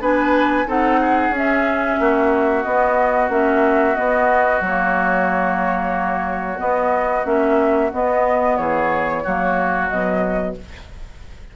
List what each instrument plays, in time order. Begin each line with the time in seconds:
0.00 bassoon B3, clarinet D4, oboe B4, flute G#5
0.66 bassoon C4, clarinet D#4, oboe A4, flute F#5
1.00 oboe G#4
1.29 bassoon C#4
1.36 clarinet C#4, flute E5
1.99 bassoon A#3, oboe F#4
2.63 clarinet B3, bassoon B3, flute D#5
3.29 bassoon A#3, clarinet C#4, flute E5
3.95 clarinet B3, bassoon B3, flute D#5
4.61 bassoon F#3, flute C#5
4.67 clarinet A#3
6.57 clarinet B3, bassoon B3, flute D#5
7.24 bassoon A#3, clarinet C#4, flute E5
7.93 clarinet B3, bassoon B3, flute D#5
8.57 bassoon E3, oboe G#4, flute C#5
9.23 bassoon F#3, clarinet A#3, oboe F#4
9.88 bassoon B2, clarinet F#3, flute D#5